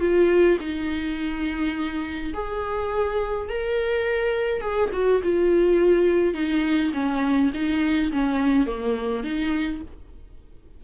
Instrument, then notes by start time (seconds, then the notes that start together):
viola
0.00 F4
0.60 D#4
2.33 G#4
3.49 A#4
4.61 G#4
4.92 F#4
5.23 F4
6.34 D#4
6.93 C#4
7.54 D#4
8.12 C#4
8.66 A#3
9.24 D#4